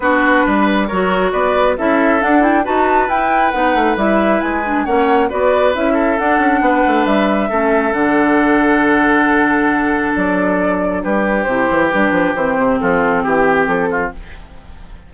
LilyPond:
<<
  \new Staff \with { instrumentName = "flute" } { \time 4/4 \tempo 4 = 136 b'2 cis''4 d''4 | e''4 fis''8 g''8 a''4 g''4 | fis''4 e''4 gis''4 fis''4 | d''4 e''4 fis''2 |
e''2 fis''2~ | fis''2. d''4~ | d''4 b'4 c''4 b'4 | c''4 a'4 g'4 a'4 | }
  \new Staff \with { instrumentName = "oboe" } { \time 4/4 fis'4 b'4 ais'4 b'4 | a'2 b'2~ | b'2. cis''4 | b'4. a'4. b'4~ |
b'4 a'2.~ | a'1~ | a'4 g'2.~ | g'4 f'4 g'4. f'8 | }
  \new Staff \with { instrumentName = "clarinet" } { \time 4/4 d'2 fis'2 | e'4 d'8 e'8 fis'4 e'4 | dis'4 e'4. d'8 cis'4 | fis'4 e'4 d'2~ |
d'4 cis'4 d'2~ | d'1~ | d'2 e'4 d'4 | c'1 | }
  \new Staff \with { instrumentName = "bassoon" } { \time 4/4 b4 g4 fis4 b4 | cis'4 d'4 dis'4 e'4 | b8 a8 g4 gis4 ais4 | b4 cis'4 d'8 cis'8 b8 a8 |
g4 a4 d2~ | d2. fis4~ | fis4 g4 c8 e8 g8 f8 | e8 c8 f4 e4 f4 | }
>>